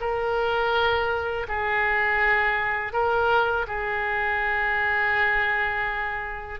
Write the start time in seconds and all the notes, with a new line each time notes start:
0.00 A#4
1.48 G#4
2.92 A#4
3.67 G#4